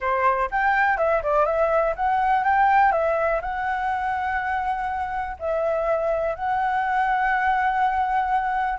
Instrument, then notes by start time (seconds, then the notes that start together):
flute
0.00 C5
0.50 G5
0.97 E5
1.22 D5
1.45 E5
1.96 F#5
2.44 G5
2.92 E5
3.41 F#5
5.39 E5
6.35 F#5